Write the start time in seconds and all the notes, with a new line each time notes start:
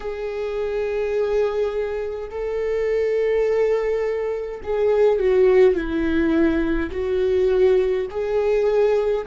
0.00 G#4
2.30 A4
4.63 G#4
5.19 F#4
5.74 E4
6.91 F#4
8.10 G#4